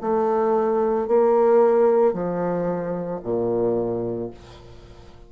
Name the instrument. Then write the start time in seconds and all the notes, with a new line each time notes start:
bassoon
0.00 A3
1.07 A#3
2.13 F3
3.23 A#2